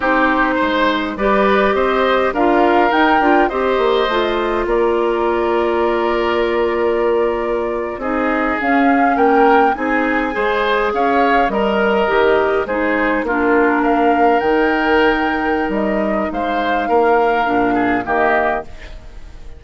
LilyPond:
<<
  \new Staff \with { instrumentName = "flute" } { \time 4/4 \tempo 4 = 103 c''2 d''4 dis''4 | f''4 g''4 dis''2 | d''1~ | d''4.~ d''16 dis''4 f''4 g''16~ |
g''8. gis''2 f''4 dis''16~ | dis''4.~ dis''16 c''4 ais'4 f''16~ | f''8. g''2~ g''16 dis''4 | f''2. dis''4 | }
  \new Staff \with { instrumentName = "oboe" } { \time 4/4 g'4 c''4 b'4 c''4 | ais'2 c''2 | ais'1~ | ais'4.~ ais'16 gis'2 ais'16~ |
ais'8. gis'4 c''4 cis''4 ais'16~ | ais'4.~ ais'16 gis'4 f'4 ais'16~ | ais'1 | c''4 ais'4. gis'8 g'4 | }
  \new Staff \with { instrumentName = "clarinet" } { \time 4/4 dis'2 g'2 | f'4 dis'8 f'8 g'4 f'4~ | f'1~ | f'4.~ f'16 dis'4 cis'4~ cis'16~ |
cis'8. dis'4 gis'2 ais'16~ | ais'8. g'4 dis'4 d'4~ d'16~ | d'8. dis'2.~ dis'16~ | dis'2 d'4 ais4 | }
  \new Staff \with { instrumentName = "bassoon" } { \time 4/4 c'4 gis4 g4 c'4 | d'4 dis'8 d'8 c'8 ais8 a4 | ais1~ | ais4.~ ais16 c'4 cis'4 ais16~ |
ais8. c'4 gis4 cis'4 g16~ | g8. dis4 gis4 ais4~ ais16~ | ais8. dis2~ dis16 g4 | gis4 ais4 ais,4 dis4 | }
>>